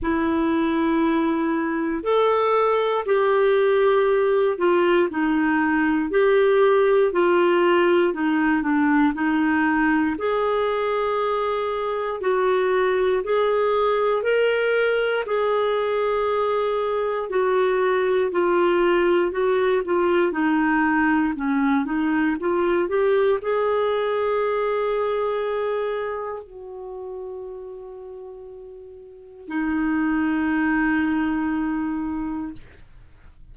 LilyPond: \new Staff \with { instrumentName = "clarinet" } { \time 4/4 \tempo 4 = 59 e'2 a'4 g'4~ | g'8 f'8 dis'4 g'4 f'4 | dis'8 d'8 dis'4 gis'2 | fis'4 gis'4 ais'4 gis'4~ |
gis'4 fis'4 f'4 fis'8 f'8 | dis'4 cis'8 dis'8 f'8 g'8 gis'4~ | gis'2 fis'2~ | fis'4 dis'2. | }